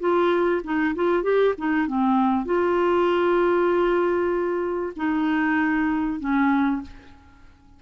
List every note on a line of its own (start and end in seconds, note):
0.00 0.62 F4
0.64 0.94 D#4
0.95 1.23 F4
1.23 1.54 G4
1.58 1.87 D#4
1.87 2.45 C4
2.45 4.93 F4
4.96 6.20 D#4
6.20 6.82 C#4